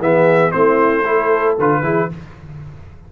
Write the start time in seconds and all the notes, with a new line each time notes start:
0.00 E3 B3 G#4 E5
0.52 A3 C4 E4 C5
1.04 E4 A4
1.59 D3 F4 B4
1.82 E3 E4 G#4